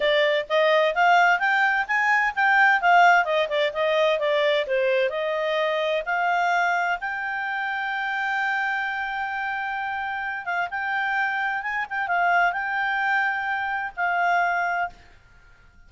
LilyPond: \new Staff \with { instrumentName = "clarinet" } { \time 4/4 \tempo 4 = 129 d''4 dis''4 f''4 g''4 | gis''4 g''4 f''4 dis''8 d''8 | dis''4 d''4 c''4 dis''4~ | dis''4 f''2 g''4~ |
g''1~ | g''2~ g''8 f''8 g''4~ | g''4 gis''8 g''8 f''4 g''4~ | g''2 f''2 | }